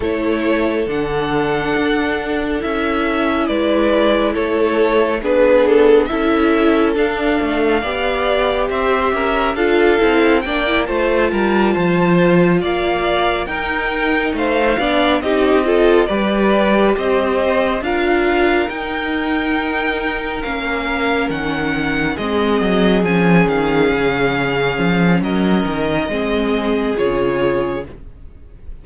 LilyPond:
<<
  \new Staff \with { instrumentName = "violin" } { \time 4/4 \tempo 4 = 69 cis''4 fis''2 e''4 | d''4 cis''4 b'8 a'8 e''4 | f''2 e''4 f''4 | g''8 a''2 f''4 g''8~ |
g''8 f''4 dis''4 d''4 dis''8~ | dis''8 f''4 g''2 f''8~ | f''8 fis''4 dis''4 gis''8 f''4~ | f''4 dis''2 cis''4 | }
  \new Staff \with { instrumentName = "violin" } { \time 4/4 a'1 | b'4 a'4 gis'4 a'4~ | a'4 d''4 c''8 ais'8 a'4 | d''8 c''8 ais'8 c''4 d''4 ais'8~ |
ais'8 c''8 d''8 g'8 a'8 b'4 c''8~ | c''8 ais'2.~ ais'8~ | ais'4. gis'2~ gis'8~ | gis'4 ais'4 gis'2 | }
  \new Staff \with { instrumentName = "viola" } { \time 4/4 e'4 d'2 e'4~ | e'2 d'4 e'4 | d'4 g'2 f'8 e'8 | d'16 e'16 f'2. dis'8~ |
dis'4 d'8 dis'8 f'8 g'4.~ | g'8 f'4 dis'2 cis'8~ | cis'4. c'4 cis'4.~ | cis'2 c'4 f'4 | }
  \new Staff \with { instrumentName = "cello" } { \time 4/4 a4 d4 d'4 cis'4 | gis4 a4 b4 cis'4 | d'8 a8 b4 c'8 cis'8 d'8 c'8 | ais8 a8 g8 f4 ais4 dis'8~ |
dis'8 a8 b8 c'4 g4 c'8~ | c'8 d'4 dis'2 ais8~ | ais8 dis4 gis8 fis8 f8 dis8 cis8~ | cis8 f8 fis8 dis8 gis4 cis4 | }
>>